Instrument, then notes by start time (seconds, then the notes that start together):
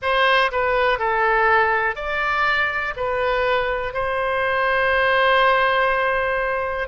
oboe
0.02 C5
0.51 B4
0.98 A4
1.95 D5
2.96 B4
3.93 C5